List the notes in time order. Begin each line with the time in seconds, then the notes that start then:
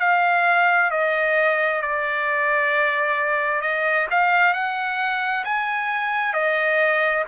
0.00 F5
0.91 D#5
1.82 D5
3.62 D#5
4.11 F5
4.54 F#5
5.45 G#5
6.33 D#5